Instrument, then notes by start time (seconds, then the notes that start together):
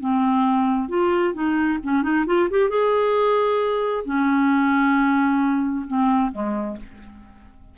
clarinet
0.00 C4
0.88 F4
1.33 D#4
1.83 C#4
2.02 D#4
2.26 F4
2.50 G4
2.69 G#4
4.05 C#4
5.87 C4
6.32 G#3